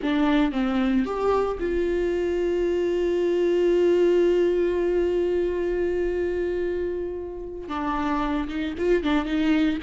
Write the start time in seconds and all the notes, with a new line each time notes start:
0.02 D4
0.52 C4
1.05 G4
1.59 F4
7.68 D4
8.48 D#4
8.78 F4
9.03 D4
9.25 D#4